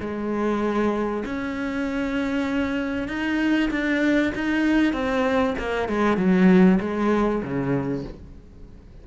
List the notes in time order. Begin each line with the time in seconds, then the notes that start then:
0.00 G#3
1.25 C#4
3.08 D#4
3.70 D4
4.34 D#4
4.93 C4
5.58 A#3
5.88 G#3
6.17 F#3
6.80 G#3
7.42 C#3